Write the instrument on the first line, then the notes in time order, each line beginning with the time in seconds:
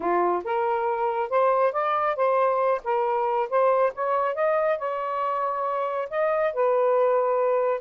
saxophone
0.00 F4
0.44 A#4
1.29 C5
1.72 D5
2.16 C5
2.84 A#4
3.49 C5
3.94 C#5
4.34 D#5
4.78 C#5
6.10 D#5
6.53 B4